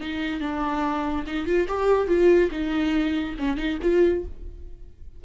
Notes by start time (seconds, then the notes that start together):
0.00 D#4
0.40 D4
1.27 D#4
1.46 F4
1.68 G4
2.07 F4
2.51 D#4
3.38 C#4
3.57 D#4
3.82 F4